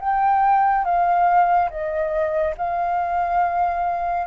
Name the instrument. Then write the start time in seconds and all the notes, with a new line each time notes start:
flute
0.00 G5
0.85 F5
1.71 D#5
2.58 F5